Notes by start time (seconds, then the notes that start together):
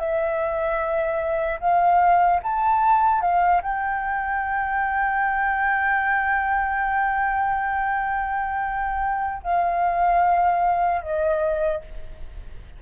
0.00 E5
1.60 F5
2.43 A5
3.22 F5
3.63 G5
9.43 F5
11.02 D#5